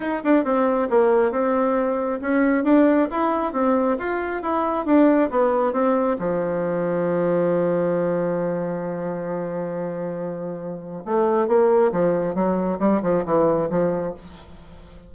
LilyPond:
\new Staff \with { instrumentName = "bassoon" } { \time 4/4 \tempo 4 = 136 dis'8 d'8 c'4 ais4 c'4~ | c'4 cis'4 d'4 e'4 | c'4 f'4 e'4 d'4 | b4 c'4 f2~ |
f1~ | f1~ | f4 a4 ais4 f4 | fis4 g8 f8 e4 f4 | }